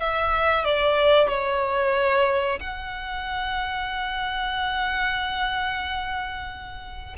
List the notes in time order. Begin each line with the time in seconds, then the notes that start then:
0.00 E5
0.65 D5
1.29 C#5
2.61 F#5